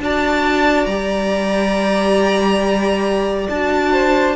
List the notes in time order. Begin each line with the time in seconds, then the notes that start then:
0.00 D4 F#4 D5 A5
0.86 G3 G4 A#5
3.49 D4 F#4 A5
3.92 C5